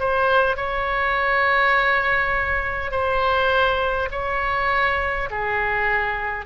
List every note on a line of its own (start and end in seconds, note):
0.00 0.57 C5
0.57 2.92 C#5
2.92 4.10 C5
4.12 5.29 C#5
5.31 6.46 G#4